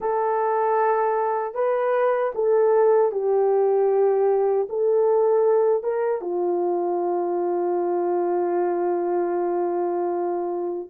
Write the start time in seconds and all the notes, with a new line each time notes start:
0.00 A4
1.54 B4
2.34 A4
3.11 G4
4.69 A4
5.83 A#4
6.21 F4